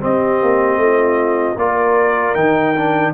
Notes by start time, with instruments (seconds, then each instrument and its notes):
0.00 trombone C4, tuba C4, horn G4, trumpet D#5
0.43 tuba A#3
0.77 tuba A3
0.83 horn F4
1.57 tuba A#3, trombone F4, horn A#4, trumpet D5
2.35 tuba D#3, trombone D#4, trumpet G5
2.76 trombone D4